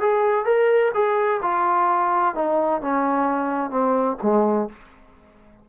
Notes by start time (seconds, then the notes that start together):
0.00 G#4
0.45 A#4
0.94 G#4
1.42 F4
2.35 D#4
2.81 C#4
3.70 C4
4.22 G#3